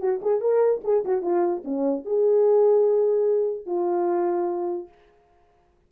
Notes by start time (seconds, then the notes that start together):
0.00 F#4
0.22 G#4
0.41 A#4
0.84 G#4
1.05 F#4
1.22 F4
1.64 C#4
2.05 G#4
3.66 F4